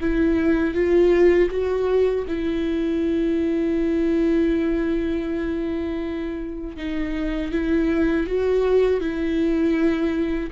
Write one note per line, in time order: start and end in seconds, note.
0.00 0.74 E4
0.74 1.49 F4
1.50 2.25 F#4
2.27 6.76 E4
6.76 7.51 D#4
7.51 8.26 E4
8.27 9.00 F#4
9.00 10.50 E4